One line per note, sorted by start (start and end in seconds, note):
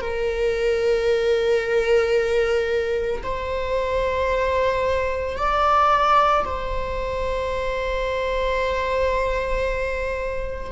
0.00 3.21 A#4
3.22 5.37 C5
5.37 6.44 D5
6.44 10.71 C5